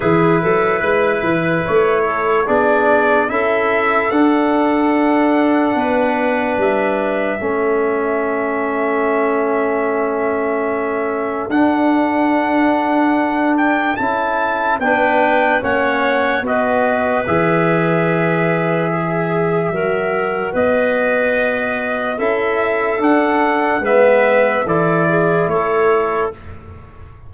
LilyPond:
<<
  \new Staff \with { instrumentName = "trumpet" } { \time 4/4 \tempo 4 = 73 b'2 cis''4 d''4 | e''4 fis''2. | e''1~ | e''2 fis''2~ |
fis''8 g''8 a''4 g''4 fis''4 | dis''4 e''2.~ | e''4 dis''2 e''4 | fis''4 e''4 d''4 cis''4 | }
  \new Staff \with { instrumentName = "clarinet" } { \time 4/4 gis'8 a'8 b'4. a'8 gis'4 | a'2. b'4~ | b'4 a'2.~ | a'1~ |
a'2 b'4 cis''4 | b'2. gis'4 | ais'4 b'2 a'4~ | a'4 b'4 a'8 gis'8 a'4 | }
  \new Staff \with { instrumentName = "trombone" } { \time 4/4 e'2. d'4 | e'4 d'2.~ | d'4 cis'2.~ | cis'2 d'2~ |
d'4 e'4 d'4 cis'4 | fis'4 gis'2. | fis'2. e'4 | d'4 b4 e'2 | }
  \new Staff \with { instrumentName = "tuba" } { \time 4/4 e8 fis8 gis8 e8 a4 b4 | cis'4 d'2 b4 | g4 a2.~ | a2 d'2~ |
d'4 cis'4 b4 ais4 | b4 e2. | fis4 b2 cis'4 | d'4 gis4 e4 a4 | }
>>